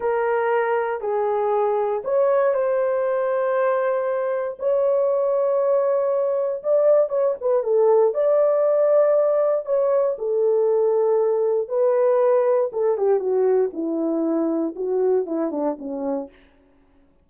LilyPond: \new Staff \with { instrumentName = "horn" } { \time 4/4 \tempo 4 = 118 ais'2 gis'2 | cis''4 c''2.~ | c''4 cis''2.~ | cis''4 d''4 cis''8 b'8 a'4 |
d''2. cis''4 | a'2. b'4~ | b'4 a'8 g'8 fis'4 e'4~ | e'4 fis'4 e'8 d'8 cis'4 | }